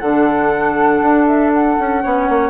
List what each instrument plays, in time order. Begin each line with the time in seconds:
0.00 bassoon D3, clarinet D4, flute A4 F#5
1.02 bassoon D4
1.27 flute E5
1.54 flute F#5
1.80 bassoon C#4
2.03 bassoon B3, clarinet C#4, flute C#5
2.29 bassoon A#3